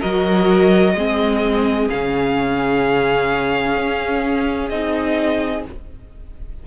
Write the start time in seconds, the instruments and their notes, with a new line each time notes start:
0.00 cello F#3, viola F#4, violin A#4 D#5
0.95 cello G#3, viola C4, violin G#4
1.89 cello C#3, viola C#4, violin F5
3.77 cello C#4
4.70 cello C4, viola D#4, violin D#5